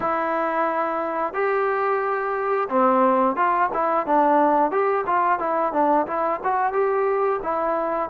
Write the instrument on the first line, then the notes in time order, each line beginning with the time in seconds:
trombone
0.00 E4
1.33 G4
2.69 C4
3.36 F4
3.73 E4
4.06 D4
4.71 G4
5.06 F4
5.39 E4
5.72 D4
6.06 E4
6.43 F#4
6.72 G4
7.42 E4